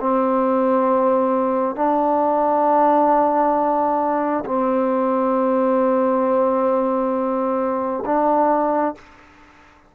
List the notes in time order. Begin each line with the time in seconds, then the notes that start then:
0.00 C4
1.75 D4
4.45 C4
8.06 D4